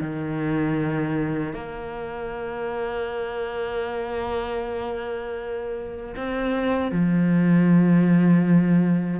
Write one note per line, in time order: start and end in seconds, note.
0.00 1.53 D#3
1.53 6.15 A#3
6.16 6.91 C4
6.91 9.20 F3